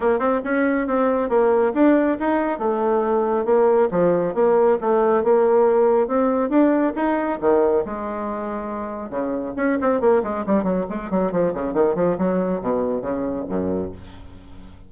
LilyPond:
\new Staff \with { instrumentName = "bassoon" } { \time 4/4 \tempo 4 = 138 ais8 c'8 cis'4 c'4 ais4 | d'4 dis'4 a2 | ais4 f4 ais4 a4 | ais2 c'4 d'4 |
dis'4 dis4 gis2~ | gis4 cis4 cis'8 c'8 ais8 gis8 | g8 fis8 gis8 fis8 f8 cis8 dis8 f8 | fis4 b,4 cis4 fis,4 | }